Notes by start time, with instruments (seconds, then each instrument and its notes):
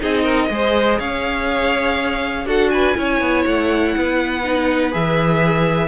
0.00 cello C4, viola D#4, violin G#4 D#5
0.23 violin A#4
0.50 cello G#3, viola G#4, violin C5
0.99 cello C#4, violin C#5 F5
2.46 cello D4, viola F#4, violin A4 F#5
2.70 violin B4 G#5
2.95 cello C#4, viola E4, violin C#5
3.21 cello B3
3.46 cello A3, violin F#5
3.96 cello B3, violin B4
4.44 viola D#4
4.91 cello E3, viola G#4, violin E5